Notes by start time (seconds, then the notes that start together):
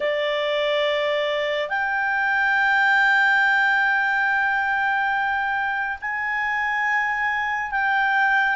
0.00 D5
1.69 G5
6.01 G#5
7.71 G5